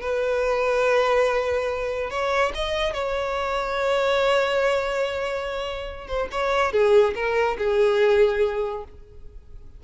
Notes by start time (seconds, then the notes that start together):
0.00 B4
2.10 C#5
2.54 D#5
2.93 C#5
6.07 C5
6.31 C#5
6.72 G#4
7.15 A#4
7.58 G#4